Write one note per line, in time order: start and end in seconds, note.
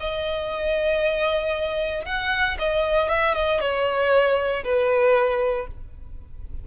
0.00 2.05 D#5
2.05 2.57 F#5
2.59 3.09 D#5
3.09 3.35 E5
3.35 3.60 D#5
3.60 4.64 C#5
4.64 5.67 B4